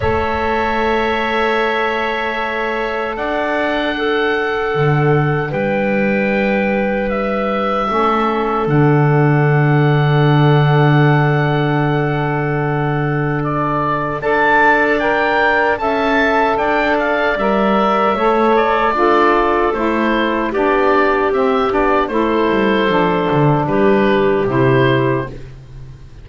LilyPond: <<
  \new Staff \with { instrumentName = "oboe" } { \time 4/4 \tempo 4 = 76 e''1 | fis''2. g''4~ | g''4 e''2 fis''4~ | fis''1~ |
fis''4 d''4 a''4 g''4 | a''4 g''8 f''8 e''4. d''8~ | d''4 c''4 d''4 e''8 d''8 | c''2 b'4 c''4 | }
  \new Staff \with { instrumentName = "clarinet" } { \time 4/4 cis''1 | d''4 a'2 b'4~ | b'2 a'2~ | a'1~ |
a'2 d''2 | e''4 d''2 cis''4 | a'2 g'2 | a'2 g'2 | }
  \new Staff \with { instrumentName = "saxophone" } { \time 4/4 a'1~ | a'4 d'2.~ | d'2 cis'4 d'4~ | d'1~ |
d'2 a'4 ais'4 | a'2 ais'4 a'4 | f'4 e'4 d'4 c'8 d'8 | e'4 d'2 e'4 | }
  \new Staff \with { instrumentName = "double bass" } { \time 4/4 a1 | d'2 d4 g4~ | g2 a4 d4~ | d1~ |
d2 d'2 | cis'4 d'4 g4 a4 | d'4 a4 b4 c'8 b8 | a8 g8 f8 d8 g4 c4 | }
>>